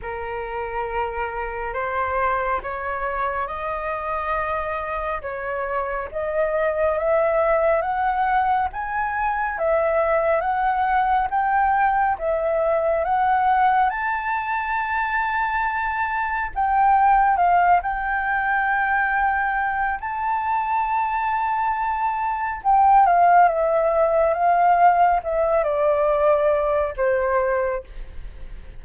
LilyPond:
\new Staff \with { instrumentName = "flute" } { \time 4/4 \tempo 4 = 69 ais'2 c''4 cis''4 | dis''2 cis''4 dis''4 | e''4 fis''4 gis''4 e''4 | fis''4 g''4 e''4 fis''4 |
a''2. g''4 | f''8 g''2~ g''8 a''4~ | a''2 g''8 f''8 e''4 | f''4 e''8 d''4. c''4 | }